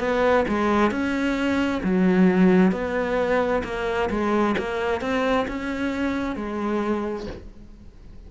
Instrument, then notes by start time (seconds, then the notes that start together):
cello
0.00 B3
0.49 G#3
0.91 C#4
1.83 F#3
2.72 B3
3.64 A#3
4.10 G#3
4.59 A#3
5.02 C4
5.48 C#4
6.36 G#3